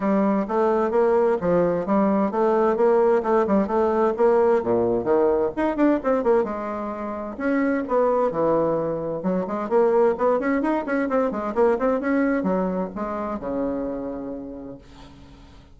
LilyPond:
\new Staff \with { instrumentName = "bassoon" } { \time 4/4 \tempo 4 = 130 g4 a4 ais4 f4 | g4 a4 ais4 a8 g8 | a4 ais4 ais,4 dis4 | dis'8 d'8 c'8 ais8 gis2 |
cis'4 b4 e2 | fis8 gis8 ais4 b8 cis'8 dis'8 cis'8 | c'8 gis8 ais8 c'8 cis'4 fis4 | gis4 cis2. | }